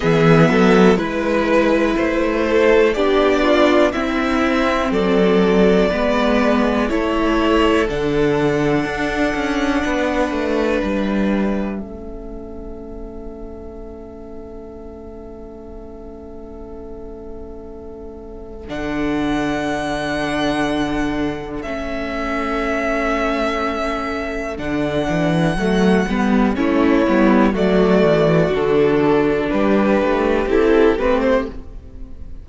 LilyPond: <<
  \new Staff \with { instrumentName = "violin" } { \time 4/4 \tempo 4 = 61 e''4 b'4 c''4 d''4 | e''4 d''2 cis''4 | fis''2. e''4~ | e''1~ |
e''2. fis''4~ | fis''2 e''2~ | e''4 fis''2 cis''4 | d''4 a'4 b'4 a'8 b'16 c''16 | }
  \new Staff \with { instrumentName = "violin" } { \time 4/4 gis'8 a'8 b'4. a'8 g'8 f'8 | e'4 a'4 b'4 a'4~ | a'2 b'2 | a'1~ |
a'1~ | a'1~ | a'2. e'4 | fis'2 g'2 | }
  \new Staff \with { instrumentName = "viola" } { \time 4/4 b4 e'2 d'4 | c'2 b4 e'4 | d'1 | cis'1~ |
cis'2. d'4~ | d'2 cis'2~ | cis'4 d'4 a8 b8 cis'8 b8 | a4 d'2 e'8 c'8 | }
  \new Staff \with { instrumentName = "cello" } { \time 4/4 e8 fis8 gis4 a4 b4 | c'4 fis4 gis4 a4 | d4 d'8 cis'8 b8 a8 g4 | a1~ |
a2. d4~ | d2 a2~ | a4 d8 e8 fis8 g8 a8 g8 | fis8 e8 d4 g8 a8 c'8 a8 | }
>>